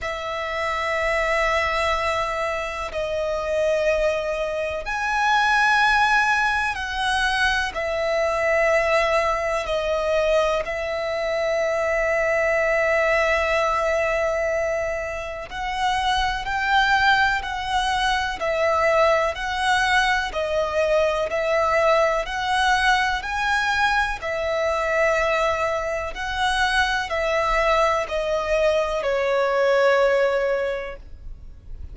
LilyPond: \new Staff \with { instrumentName = "violin" } { \time 4/4 \tempo 4 = 62 e''2. dis''4~ | dis''4 gis''2 fis''4 | e''2 dis''4 e''4~ | e''1 |
fis''4 g''4 fis''4 e''4 | fis''4 dis''4 e''4 fis''4 | gis''4 e''2 fis''4 | e''4 dis''4 cis''2 | }